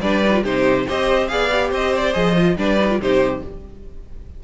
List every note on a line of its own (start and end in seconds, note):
0.00 0.43 G3
0.00 0.24 D4
0.00 0.43 B4
0.00 0.43 D5
0.25 0.33 D#4
0.33 0.43 F4
0.43 0.86 C3
0.43 0.86 D#4
0.43 0.86 G4
0.43 0.88 C5
0.86 1.32 C4
0.86 1.29 G4
0.86 1.29 C5
0.86 1.27 D#5
1.27 1.71 B3
1.27 1.50 G#4
1.27 1.70 D5
1.27 1.70 F5
1.52 2.13 G4
1.70 2.14 C4
1.70 2.55 C5
1.70 1.95 D#5
1.95 2.13 D5
2.13 2.56 F3
2.13 2.34 G#4
2.13 2.56 D#5
2.37 2.57 F4
2.56 2.99 G3
2.56 2.78 D4
2.56 3.00 B4
2.56 3.01 D5
2.80 2.90 D#4
2.90 3.00 F4
2.99 3.41 C3
2.99 3.43 D#4
2.99 3.44 G4
2.99 3.44 C5